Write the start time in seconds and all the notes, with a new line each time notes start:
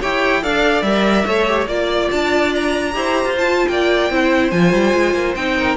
0.00 E4 G4 C#5 G5
0.42 D4 A4 D5 F5
0.82 G3 A#4 E5
1.26 A3 A4 C#5
1.47 G4
1.66 A#3 F4 D5
2.11 D4 A5
2.55 A#5
2.92 E4 G4 C5
3.24 F4
3.38 F4 A5
3.68 A#3 D5 G5
4.10 C4 E4 C5
4.51 F3 F4 G#5
4.72 G3
4.94 G#3
5.14 A#3
5.35 C4 D#4 G5
5.57 A#4